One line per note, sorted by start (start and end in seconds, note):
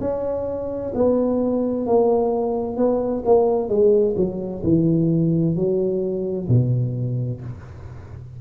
0.00 0.92 C#4
0.94 1.86 B3
1.86 2.77 A#3
2.77 3.23 B3
3.25 3.68 A#3
3.68 4.15 G#3
4.16 4.62 F#3
4.63 5.56 E3
5.56 6.48 F#3
6.48 7.41 B2